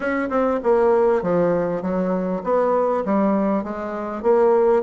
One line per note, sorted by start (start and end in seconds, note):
0.00 0.29 C#4
0.29 0.60 C4
0.63 1.22 A#3
1.22 1.82 F3
1.82 2.42 F#3
2.43 3.04 B3
3.05 3.63 G3
3.63 4.22 G#3
4.22 4.82 A#3